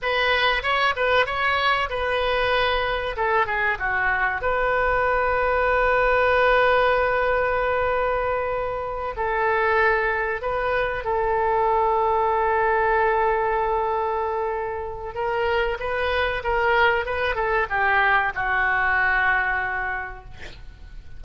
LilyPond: \new Staff \with { instrumentName = "oboe" } { \time 4/4 \tempo 4 = 95 b'4 cis''8 b'8 cis''4 b'4~ | b'4 a'8 gis'8 fis'4 b'4~ | b'1~ | b'2~ b'8 a'4.~ |
a'8 b'4 a'2~ a'8~ | a'1 | ais'4 b'4 ais'4 b'8 a'8 | g'4 fis'2. | }